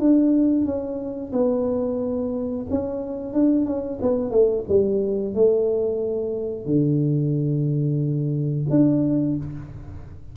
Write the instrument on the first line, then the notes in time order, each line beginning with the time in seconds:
tuba
0.00 D4
0.66 C#4
1.33 B3
2.71 C#4
3.34 D4
3.66 C#4
4.02 B3
4.32 A3
4.69 G3
5.35 A3
6.66 D3
8.70 D4